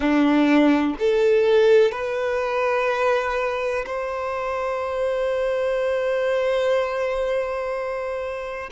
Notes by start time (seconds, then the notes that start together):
0.00 D4
0.99 A4
1.91 B4
3.86 C5